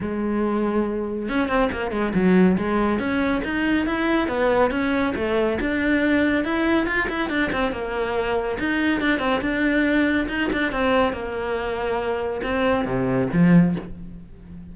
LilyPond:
\new Staff \with { instrumentName = "cello" } { \time 4/4 \tempo 4 = 140 gis2. cis'8 c'8 | ais8 gis8 fis4 gis4 cis'4 | dis'4 e'4 b4 cis'4 | a4 d'2 e'4 |
f'8 e'8 d'8 c'8 ais2 | dis'4 d'8 c'8 d'2 | dis'8 d'8 c'4 ais2~ | ais4 c'4 c4 f4 | }